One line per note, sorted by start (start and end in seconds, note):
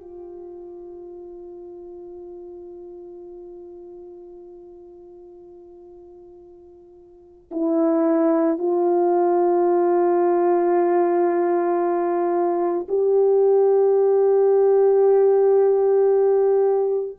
0.00 7.50 F4
7.51 8.58 E4
8.58 12.87 F4
12.88 17.17 G4